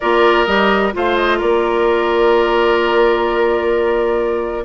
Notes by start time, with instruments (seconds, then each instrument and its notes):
0.00 bassoon A#3, clarinet F4, oboe A#4, flute D5
0.45 bassoon G3, clarinet G4, flute D#5
0.92 bassoon A3, clarinet F4, oboe C5, flute F5
1.16 flute D#5
1.38 bassoon A#3, oboe A#4, flute D5